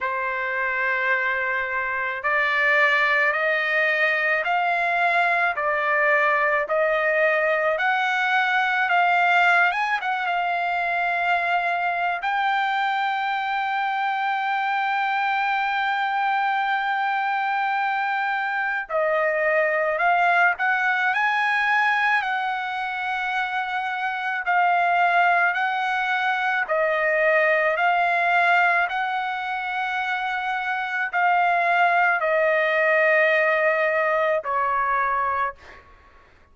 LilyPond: \new Staff \with { instrumentName = "trumpet" } { \time 4/4 \tempo 4 = 54 c''2 d''4 dis''4 | f''4 d''4 dis''4 fis''4 | f''8. gis''16 fis''16 f''4.~ f''16 g''4~ | g''1~ |
g''4 dis''4 f''8 fis''8 gis''4 | fis''2 f''4 fis''4 | dis''4 f''4 fis''2 | f''4 dis''2 cis''4 | }